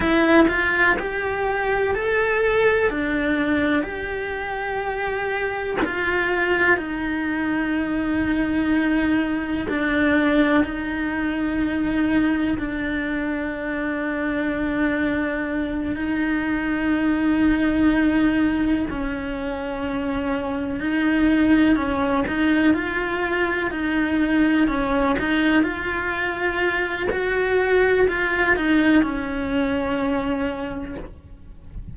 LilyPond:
\new Staff \with { instrumentName = "cello" } { \time 4/4 \tempo 4 = 62 e'8 f'8 g'4 a'4 d'4 | g'2 f'4 dis'4~ | dis'2 d'4 dis'4~ | dis'4 d'2.~ |
d'8 dis'2. cis'8~ | cis'4. dis'4 cis'8 dis'8 f'8~ | f'8 dis'4 cis'8 dis'8 f'4. | fis'4 f'8 dis'8 cis'2 | }